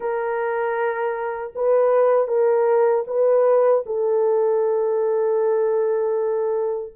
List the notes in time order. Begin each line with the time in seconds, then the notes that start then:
0.00 A#4
1.55 B4
2.27 A#4
3.07 B4
3.86 A4